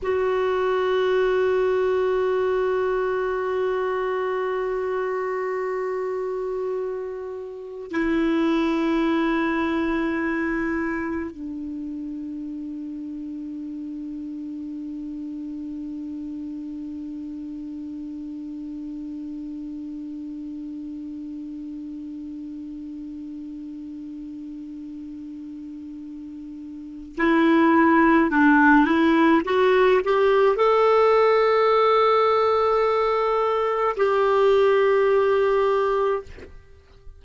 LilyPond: \new Staff \with { instrumentName = "clarinet" } { \time 4/4 \tempo 4 = 53 fis'1~ | fis'2. e'4~ | e'2 d'2~ | d'1~ |
d'1~ | d'1 | e'4 d'8 e'8 fis'8 g'8 a'4~ | a'2 g'2 | }